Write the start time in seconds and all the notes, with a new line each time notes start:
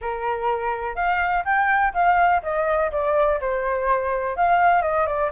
0.01 A#4
0.95 F5
1.45 G5
1.93 F5
2.43 D#5
2.91 D5
3.40 C5
4.36 F5
4.82 D#5
5.06 D5